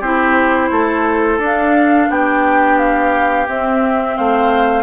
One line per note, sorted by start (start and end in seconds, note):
0.00 0.70 C4
0.00 1.40 E4
0.00 0.69 G4
0.00 1.40 C5
0.71 1.38 A3
0.71 2.09 A4
1.38 2.07 D4
1.38 3.46 D4
1.45 2.10 F5
2.10 3.48 B3
2.10 4.17 G4
2.10 2.78 G5
2.78 3.47 F5
3.48 4.17 C4
3.48 4.83 C4
3.48 4.17 E5
4.17 4.83 A3
4.17 4.83 C5
4.17 4.83 F5